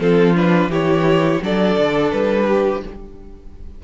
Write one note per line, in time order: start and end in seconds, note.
0.00 0.68 F3
0.00 0.35 C4
0.00 0.70 F4
0.00 0.36 A4
0.35 0.70 D4
0.35 0.71 B4
0.68 1.38 E3
0.68 1.42 E4
0.68 1.41 G4
0.68 1.43 C#5
1.42 1.77 F#3
1.42 2.84 D4
1.42 2.47 A4
1.42 2.12 D5
1.78 2.12 D3
2.12 2.83 G3
2.12 2.82 B4
2.47 2.82 G4